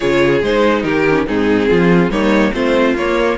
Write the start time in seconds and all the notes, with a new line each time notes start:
0.00 C#3 F4 G#4 C#5
0.42 G#3 D#4 C5
0.82 D#3 G4 A#4
1.09 C#4
1.27 G#2 C4 D#4 G#4
1.69 F3 F4
2.09 G3 A#3 D#4 C#5
2.53 A3 C4 F4 C5
2.95 A#3 C#5